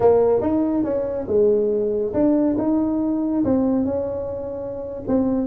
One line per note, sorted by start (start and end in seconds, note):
0.00 0.41 A#3
0.41 0.84 D#4
0.84 1.26 C#4
1.27 2.13 G#3
2.13 2.56 D4
2.58 3.43 D#4
3.44 3.85 C4
3.85 5.03 C#4
5.07 5.47 C4